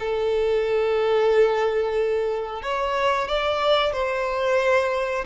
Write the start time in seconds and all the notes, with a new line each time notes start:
0.00 A4
2.63 C#5
3.28 D5
3.94 C5